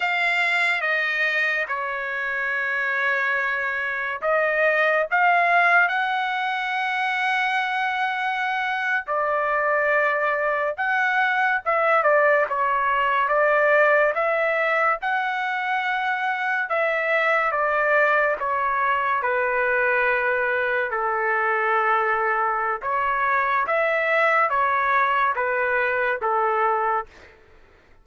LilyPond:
\new Staff \with { instrumentName = "trumpet" } { \time 4/4 \tempo 4 = 71 f''4 dis''4 cis''2~ | cis''4 dis''4 f''4 fis''4~ | fis''2~ fis''8. d''4~ d''16~ | d''8. fis''4 e''8 d''8 cis''4 d''16~ |
d''8. e''4 fis''2 e''16~ | e''8. d''4 cis''4 b'4~ b'16~ | b'8. a'2~ a'16 cis''4 | e''4 cis''4 b'4 a'4 | }